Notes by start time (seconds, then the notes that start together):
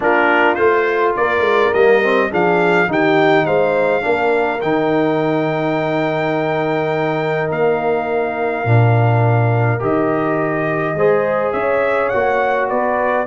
0.00 A#3 D4 F4 A#4
0.54 A3 F4 C5
1.16 A#3 A#4 D5
1.40 G#3
1.73 G3 A#3 D#5
2.03 C4
2.29 F3 D4 G#4 F5
2.87 D#3 D#4 G4 G5
3.45 G#3 C5 F5
4.01 A#3 D4 A#4
4.61 D#3 D#4 G5
7.50 A#3 F5
8.64 A#2 D4
9.79 D#3 G4 D#5
10.94 G#3 G#4 C5
11.52 C#4 C#5 E5
12.09 A#3 F#4 F#5
12.69 B3 B4 D5